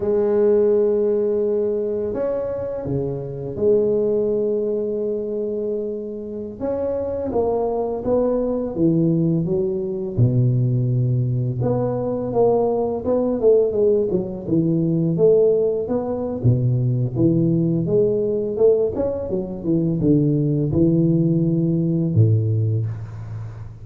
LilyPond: \new Staff \with { instrumentName = "tuba" } { \time 4/4 \tempo 4 = 84 gis2. cis'4 | cis4 gis2.~ | gis4~ gis16 cis'4 ais4 b8.~ | b16 e4 fis4 b,4.~ b,16~ |
b,16 b4 ais4 b8 a8 gis8 fis16~ | fis16 e4 a4 b8. b,4 | e4 gis4 a8 cis'8 fis8 e8 | d4 e2 a,4 | }